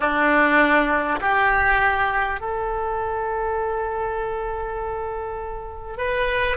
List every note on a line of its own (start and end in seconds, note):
0.00 1.20 D4
1.20 2.40 G4
2.40 5.97 A4
5.97 6.57 B4